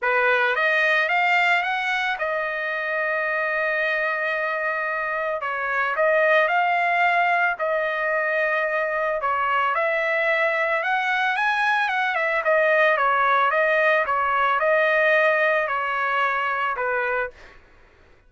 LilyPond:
\new Staff \with { instrumentName = "trumpet" } { \time 4/4 \tempo 4 = 111 b'4 dis''4 f''4 fis''4 | dis''1~ | dis''2 cis''4 dis''4 | f''2 dis''2~ |
dis''4 cis''4 e''2 | fis''4 gis''4 fis''8 e''8 dis''4 | cis''4 dis''4 cis''4 dis''4~ | dis''4 cis''2 b'4 | }